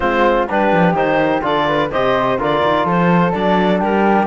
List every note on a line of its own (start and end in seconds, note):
0.00 0.49 G#3
0.00 0.47 C4
0.00 0.47 F4
0.00 0.48 C5
0.49 0.72 G3
0.49 0.95 D4
0.49 1.44 G4
0.49 0.95 B4
0.72 0.93 F3
0.93 1.40 D#3
0.93 1.41 D#4
0.93 1.43 C5
1.41 1.91 D3
1.41 1.89 F4
1.41 1.67 A4
1.41 1.91 D5
1.67 1.91 B4
1.91 2.38 C3
1.91 2.38 G4
1.91 2.39 C5
1.91 2.39 D#5
2.38 2.62 D3
2.38 3.32 F4
2.38 2.85 A#4
2.38 2.88 D5
2.63 2.85 D#3
2.85 3.32 F3
2.85 3.80 A4
2.85 3.32 C5
3.32 3.81 F#3
3.32 4.26 D4
3.32 3.80 D5
3.80 4.26 G3
3.80 4.26 G4
3.80 4.26 A#4